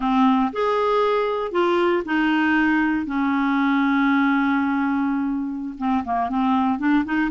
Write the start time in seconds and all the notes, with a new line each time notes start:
0.00 C4
0.52 G#4
1.51 F4
2.05 D#4
3.05 C#4
5.77 C4
6.04 A#3
6.29 C4
6.78 D4
7.04 D#4